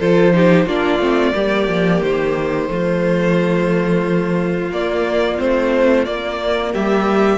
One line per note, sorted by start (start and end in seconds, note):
0.00 0.66 F3
0.00 0.34 F4
0.00 0.34 A4
0.00 0.68 C5
0.34 0.67 D#4
0.34 0.66 G4
0.66 0.99 A#3
0.66 1.00 D4
0.66 1.33 F4
0.66 2.03 D5
0.99 1.33 A3
0.99 1.34 C4
1.35 1.68 G3
1.35 2.68 A#3
1.35 2.70 G4
1.68 2.02 F3
2.03 2.70 D#3
2.03 4.72 C5
2.68 4.71 F3
2.68 4.71 A3
2.68 6.72 F4
4.71 5.39 A#3
4.71 5.40 D5
5.39 6.07 A3
5.39 6.06 C4
5.39 6.05 C5
6.05 7.38 A#3
6.05 6.75 A#3
6.05 6.73 D5
6.72 7.38 G3
6.72 7.38 G4
6.72 7.38 E5